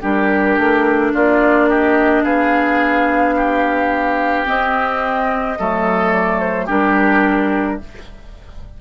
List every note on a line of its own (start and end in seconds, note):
0.00 0.57 G3
0.00 4.46 D4
0.00 1.11 G4
0.00 1.14 A#4
0.57 1.13 A3
1.13 2.23 A#3
1.13 1.69 F4
1.13 1.69 D5
1.69 2.23 G4
1.69 2.24 D#5
2.23 4.45 B3
2.23 3.34 G#4
2.23 4.46 F5
3.36 5.58 G4
4.46 5.57 C4
4.46 5.58 C4
4.46 6.12 D#5
5.58 6.68 F#3
5.58 6.68 A3
5.58 6.65 A4
6.12 6.39 D5
6.39 6.67 C5
6.65 7.79 G3
6.65 7.79 D4
6.65 7.76 G4
6.65 7.80 A#4